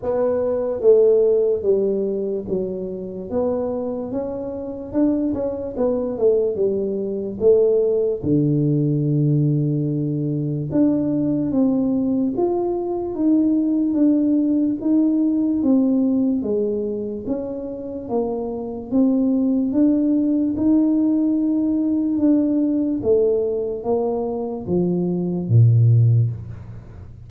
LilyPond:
\new Staff \with { instrumentName = "tuba" } { \time 4/4 \tempo 4 = 73 b4 a4 g4 fis4 | b4 cis'4 d'8 cis'8 b8 a8 | g4 a4 d2~ | d4 d'4 c'4 f'4 |
dis'4 d'4 dis'4 c'4 | gis4 cis'4 ais4 c'4 | d'4 dis'2 d'4 | a4 ais4 f4 ais,4 | }